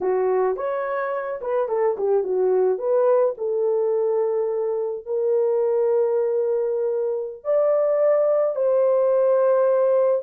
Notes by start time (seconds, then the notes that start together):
0.00 F#4
0.56 C#5
1.41 B4
1.68 A4
1.97 G4
2.23 F#4
2.78 B4
3.37 A4
5.05 A#4
7.43 D5
8.55 C5